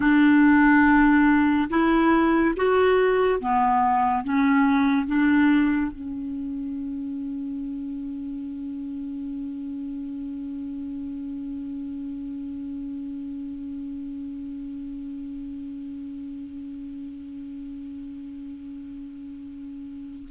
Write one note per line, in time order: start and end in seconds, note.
0.00 1.68 D4
1.70 2.54 E4
2.56 3.40 F#4
3.40 4.23 B3
4.23 5.07 C#4
5.07 5.91 D4
5.91 20.28 C#4